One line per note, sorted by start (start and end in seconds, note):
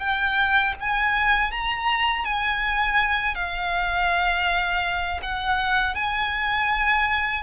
0.00 0.74 G5
0.80 1.52 G#5
1.52 2.25 A#5
2.25 3.35 G#5
3.35 5.21 F5
5.22 5.95 F#5
5.95 7.43 G#5